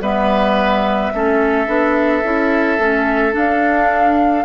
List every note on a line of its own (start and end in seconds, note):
0.00 1.11 G3
0.00 1.13 B3
0.00 1.13 B4
0.00 3.35 E5
1.14 1.67 A3
1.14 1.67 C#4
1.14 4.45 A4
1.67 2.23 B3
1.67 2.22 D4
2.24 2.79 C#4
2.24 2.78 E4
2.78 3.34 A3
2.78 3.32 C#4
3.32 4.43 D4
3.32 4.45 D4
3.32 4.45 F5